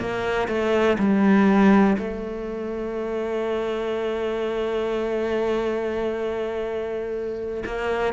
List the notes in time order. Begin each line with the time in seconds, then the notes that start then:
0.00 A#3
0.48 A3
0.98 G3
1.98 A3
7.65 A#3